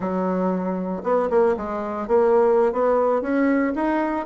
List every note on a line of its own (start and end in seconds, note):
0.00 1.02 F#3
1.03 1.29 B3
1.30 1.55 A#3
1.57 2.07 G#3
2.07 2.72 A#3
2.72 3.21 B3
3.21 3.73 C#4
3.75 4.25 D#4